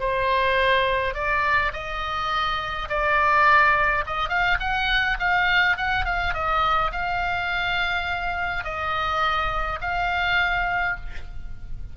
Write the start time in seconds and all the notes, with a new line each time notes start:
0.00 C5
1.15 D5
1.74 D#5
2.90 D5
4.06 D#5
4.29 F5
4.60 F#5
5.20 F5
5.77 F#5
6.05 F5
6.34 D#5
6.92 F5
8.64 D#5
9.81 F5